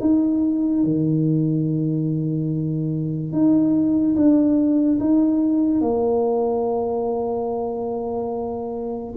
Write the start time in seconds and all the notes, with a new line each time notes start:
0.00 D#4
0.83 D#3
3.32 D#4
4.16 D4
5.00 D#4
5.81 A#3